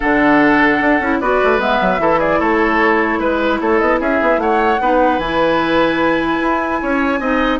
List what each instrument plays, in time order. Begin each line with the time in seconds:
0.00 bassoon D3, clarinet D4, oboe A4, flute F#5
0.81 bassoon D4
1.00 bassoon C#4, clarinet E4
1.20 bassoon B3, clarinet F#4, oboe B4, flute D5
1.43 bassoon A3
1.58 bassoon G#3, clarinet B3, flute E5
1.81 bassoon F#3
1.99 bassoon E3, clarinet E4, oboe A4
2.19 oboe G#4, flute D5
2.39 bassoon A3, oboe A4, flute C#5
3.19 bassoon G#3, oboe B4, flute B4
3.61 bassoon A3, oboe A4, flute C#5
3.78 bassoon B3, flute D#5
4.00 bassoon C#4, oboe G#4, flute E5
4.21 bassoon B3
4.37 bassoon A3, oboe C#5, flute F#5
4.80 bassoon B3, clarinet D#4, oboe B4
5.18 bassoon E3, clarinet E4, flute G#5
6.41 bassoon E4
6.82 bassoon C#4, oboe C#5
7.19 bassoon C4, clarinet D#4, oboe D#5